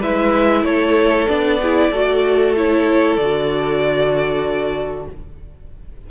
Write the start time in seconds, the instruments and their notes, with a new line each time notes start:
0.00 cello G#3, viola E4, violin B4 E5
0.63 cello A3, violin A4 C#5
1.27 cello B3, viola D4, violin D5
1.61 viola E4, violin G#4
1.90 cello A3, viola F#4, violin A4
2.56 viola E4, violin C#5
3.16 cello D3, viola F#4, violin D5